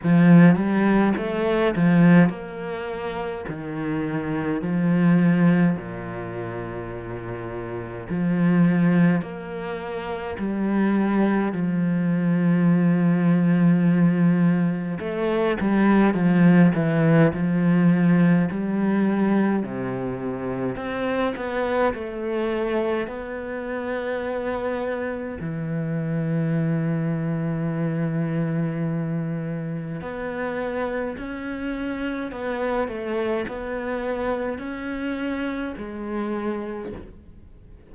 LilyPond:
\new Staff \with { instrumentName = "cello" } { \time 4/4 \tempo 4 = 52 f8 g8 a8 f8 ais4 dis4 | f4 ais,2 f4 | ais4 g4 f2~ | f4 a8 g8 f8 e8 f4 |
g4 c4 c'8 b8 a4 | b2 e2~ | e2 b4 cis'4 | b8 a8 b4 cis'4 gis4 | }